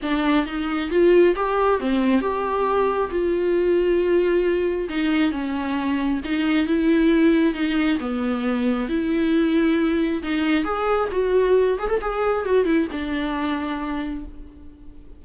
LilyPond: \new Staff \with { instrumentName = "viola" } { \time 4/4 \tempo 4 = 135 d'4 dis'4 f'4 g'4 | c'4 g'2 f'4~ | f'2. dis'4 | cis'2 dis'4 e'4~ |
e'4 dis'4 b2 | e'2. dis'4 | gis'4 fis'4. gis'16 a'16 gis'4 | fis'8 e'8 d'2. | }